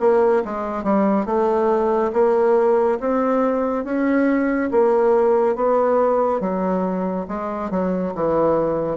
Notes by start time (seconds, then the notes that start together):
0.00 A#3
0.45 G#3
0.83 G3
1.25 A3
2.13 A#3
3.00 C4
3.84 C#4
4.71 A#3
5.56 B3
6.41 F#3
7.28 G#3
7.70 F#3
8.15 E3